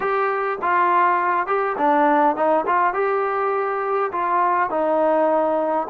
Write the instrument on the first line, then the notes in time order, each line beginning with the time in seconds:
trombone
0.00 G4
0.61 F4
1.47 G4
1.77 D4
2.35 D#4
2.66 F4
2.93 G4
4.12 F4
4.70 D#4